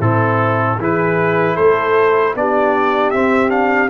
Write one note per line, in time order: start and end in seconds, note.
0.00 0.78 A2
0.00 0.79 C4
0.00 0.78 E4
0.00 0.79 A4
0.79 1.57 E3
0.79 2.37 E4
0.79 1.55 G#4
0.79 1.56 B4
1.55 2.35 A3
1.55 2.33 A4
1.55 2.34 C5
2.35 3.13 B3
2.35 3.14 D4
2.35 3.90 G4
2.35 3.10 D5
3.10 3.49 C4
3.10 3.90 C4
3.10 3.49 E5
3.49 3.88 D4
3.49 3.89 F5